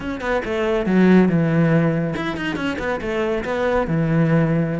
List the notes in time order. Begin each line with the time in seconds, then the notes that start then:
0.00 C#4
0.20 B3
0.44 A3
0.86 F#3
1.28 E3
2.15 E4
2.36 D#4
2.56 C#4
2.79 B3
3.01 A3
3.44 B3
3.87 E3